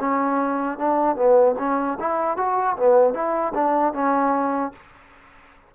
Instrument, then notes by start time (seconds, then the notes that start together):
trombone
0.00 C#4
0.79 D4
1.16 B3
1.59 C#4
2.00 E4
2.37 F#4
2.77 B3
3.14 E4
3.55 D4
3.94 C#4